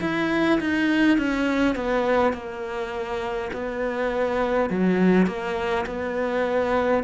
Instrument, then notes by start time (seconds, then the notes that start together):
cello
0.00 E4
0.60 D#4
1.18 C#4
1.75 B3
2.33 A#3
3.53 B3
4.70 F#3
5.26 A#3
5.86 B3